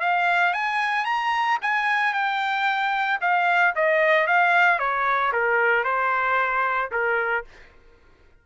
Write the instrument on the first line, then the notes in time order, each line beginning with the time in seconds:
trumpet
0.00 F5
0.53 G#5
1.05 A#5
1.61 G#5
2.13 G5
3.21 F5
3.75 D#5
4.27 F5
4.79 C#5
5.32 A#4
5.84 C5
6.91 A#4